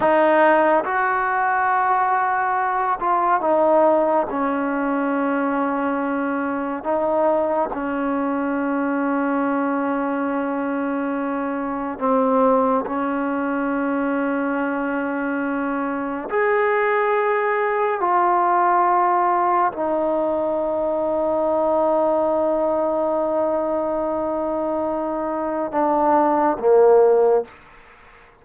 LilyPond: \new Staff \with { instrumentName = "trombone" } { \time 4/4 \tempo 4 = 70 dis'4 fis'2~ fis'8 f'8 | dis'4 cis'2. | dis'4 cis'2.~ | cis'2 c'4 cis'4~ |
cis'2. gis'4~ | gis'4 f'2 dis'4~ | dis'1~ | dis'2 d'4 ais4 | }